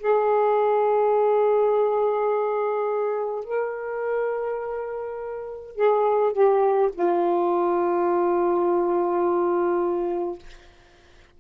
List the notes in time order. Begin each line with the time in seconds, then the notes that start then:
0.00 G#4
3.45 A#4
5.75 G#4
6.33 G4
6.93 F4